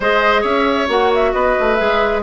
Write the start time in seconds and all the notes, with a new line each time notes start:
0.00 G#3 G#4 C5 D#5
0.41 C#4 C#5 E5
0.87 A#3 F#4 F#5
1.14 E5
1.33 B3 B4 D#5
1.59 A3
1.74 G#3 G#4 E5